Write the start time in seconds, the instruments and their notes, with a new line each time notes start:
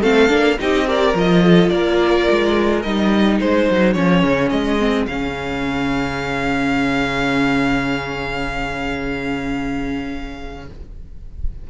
0.00 cello A3, viola C4, violin A4 F5
0.29 cello A#3, viola D4
0.58 cello C4, viola D#4, violin G4 D#5
0.87 viola G4, violin A#4 D5
1.14 cello F3, viola F4, violin D#5
1.43 violin A4
1.69 cello A#3, violin A#4 D5
2.30 cello G#3
2.82 cello G3, viola D#4, violin D#5
3.38 cello G#3, violin G#4 C5
3.70 cello F#3
3.93 cello F3, viola C#4, violin C#5
4.23 cello C#3
4.50 cello G#3, violin D#5
4.79 viola C4
5.06 cello C#3, viola C#4, violin F5